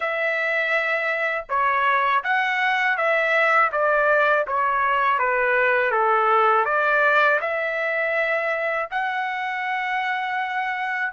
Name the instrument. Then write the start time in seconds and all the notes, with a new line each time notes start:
trumpet
0.00 E5
1.49 C#5
2.23 F#5
2.97 E5
3.72 D5
4.47 C#5
5.19 B4
5.91 A4
6.65 D5
7.41 E5
8.91 F#5